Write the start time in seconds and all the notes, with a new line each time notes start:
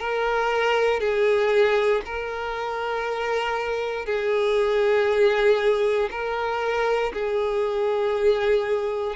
0.00 A#4
1.00 G#4
2.05 A#4
4.06 G#4
6.11 A#4
7.13 G#4